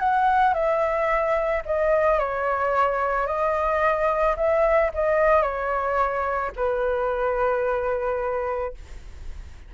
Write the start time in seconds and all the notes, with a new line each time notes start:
0.00 F#5
0.54 E5
1.66 D#5
2.19 C#5
3.27 D#5
4.37 E5
4.94 D#5
5.42 C#5
6.57 B4